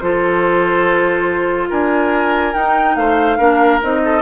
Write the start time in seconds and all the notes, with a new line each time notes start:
0.00 F3 F4 A4 C5
1.69 D4 A#4 G#5
2.54 D#4 G5
2.95 A3 C5 F5
3.38 A#3 D4 A#4
3.82 C4 D#4 D#5
4.05 A4